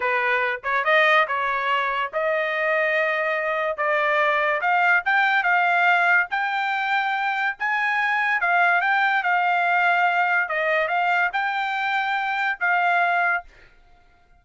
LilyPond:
\new Staff \with { instrumentName = "trumpet" } { \time 4/4 \tempo 4 = 143 b'4. cis''8 dis''4 cis''4~ | cis''4 dis''2.~ | dis''4 d''2 f''4 | g''4 f''2 g''4~ |
g''2 gis''2 | f''4 g''4 f''2~ | f''4 dis''4 f''4 g''4~ | g''2 f''2 | }